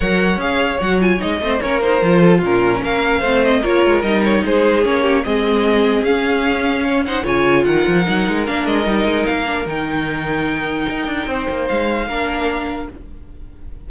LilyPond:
<<
  \new Staff \with { instrumentName = "violin" } { \time 4/4 \tempo 4 = 149 fis''4 f''4 fis''8 gis''8 dis''4 | cis''8 c''4. ais'4 f''4~ | f''8 dis''8 cis''4 dis''8 cis''8 c''4 | cis''4 dis''2 f''4~ |
f''4. fis''8 gis''4 fis''4~ | fis''4 f''8 dis''4. f''4 | g''1~ | g''4 f''2. | }
  \new Staff \with { instrumentName = "violin" } { \time 4/4 cis''2.~ cis''8 c''8 | ais'4. a'8 f'4 ais'4 | c''4 ais'2 gis'4~ | gis'8 g'8 gis'2.~ |
gis'4 cis''8 c''8 cis''4 ais'4~ | ais'1~ | ais'1 | c''2 ais'2 | }
  \new Staff \with { instrumentName = "viola" } { \time 4/4 ais'4 gis'4 fis'8 f'8 dis'8 c'8 | cis'8 dis'8 f'4 cis'2 | c'4 f'4 dis'2 | cis'4 c'2 cis'4~ |
cis'4. dis'8 f'2 | dis'4 d'4 dis'4. d'8 | dis'1~ | dis'2 d'2 | }
  \new Staff \with { instrumentName = "cello" } { \time 4/4 fis4 cis'4 fis4 gis8 a8 | ais4 f4 ais,4 ais4 | a4 ais8 gis8 g4 gis4 | ais4 gis2 cis'4~ |
cis'2 cis4 dis8 f8 | fis8 gis8 ais8 gis8 g8 gis8 ais4 | dis2. dis'8 d'8 | c'8 ais8 gis4 ais2 | }
>>